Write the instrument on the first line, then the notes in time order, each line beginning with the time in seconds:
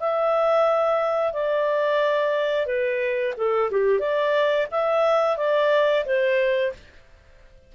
clarinet
0.00 E5
1.33 D5
2.66 B4
3.37 A4
3.71 G4
4.00 D5
4.71 E5
5.37 D5
6.06 C5